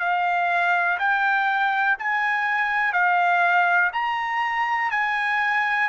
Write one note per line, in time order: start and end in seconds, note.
0.00 0.98 F5
0.99 1.98 G5
1.99 2.93 G#5
2.93 3.92 F5
3.93 4.91 A#5
4.91 5.89 G#5